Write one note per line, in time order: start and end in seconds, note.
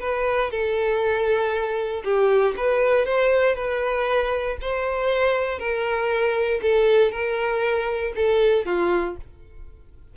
0.00 0.51 B4
0.51 2.04 A4
2.04 2.55 G4
2.57 3.06 B4
3.06 3.55 C5
3.55 4.57 B4
4.62 5.59 C5
5.59 6.61 A#4
6.62 7.12 A4
7.12 8.14 A#4
8.16 8.66 A4
8.66 9.16 F4